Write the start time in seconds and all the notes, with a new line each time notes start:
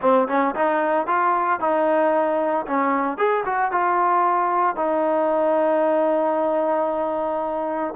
0.01 C4
0.28 C#4
0.55 D#4
1.06 F4
1.59 D#4
2.66 C#4
3.17 G#4
3.45 F#4
3.71 F4
4.75 D#4